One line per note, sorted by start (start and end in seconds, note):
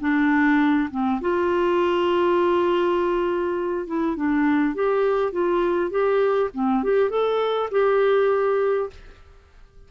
0.00 0.89 D4
0.90 1.20 C4
1.21 3.87 F4
3.87 4.16 E4
4.16 4.74 D4
4.74 5.32 G4
5.32 5.90 F4
5.90 6.49 G4
6.53 6.83 C4
6.83 7.09 G4
7.09 7.69 A4
7.71 8.89 G4